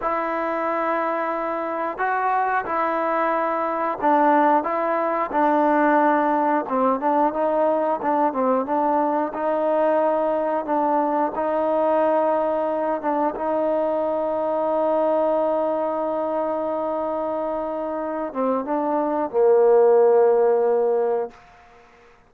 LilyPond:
\new Staff \with { instrumentName = "trombone" } { \time 4/4 \tempo 4 = 90 e'2. fis'4 | e'2 d'4 e'4 | d'2 c'8 d'8 dis'4 | d'8 c'8 d'4 dis'2 |
d'4 dis'2~ dis'8 d'8 | dis'1~ | dis'2.~ dis'8 c'8 | d'4 ais2. | }